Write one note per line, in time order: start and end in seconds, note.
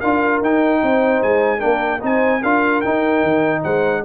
0.00 0.42 D4
0.00 0.44 F4
0.00 0.81 A#4
0.00 0.41 F5
0.42 0.82 D#4
0.42 1.60 D#4
0.42 1.23 G5
0.83 1.23 C4
0.83 1.60 C5
1.23 1.63 G#3
1.23 1.61 G#5
1.60 2.03 A#3
1.60 2.00 D4
1.60 2.00 A#4
1.60 2.01 G5
2.01 2.43 C4
2.01 2.41 D#4
2.01 2.41 C5
2.01 2.43 G#5
2.41 2.84 D4
2.41 2.85 F4
2.41 3.62 A#4
2.41 2.81 F5
2.81 3.23 D#4
2.81 4.05 D#4
2.81 3.62 G5
3.23 3.64 D#3
3.64 4.05 G#3
3.64 4.04 C5
3.64 4.04 F#5